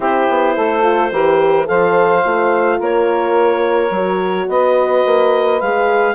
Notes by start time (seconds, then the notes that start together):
0.00 C4 E4 G4 C5
0.29 B3
0.56 A3 A4
0.82 F4
1.11 E3 G4 A#4
1.65 F3 A4 C5 F5
2.24 A3 F4
2.78 A#3 A#4 C#5
3.90 F#3 F#4
4.48 B3 B4 D#5
5.05 A#3
5.60 G#3 G#4 F5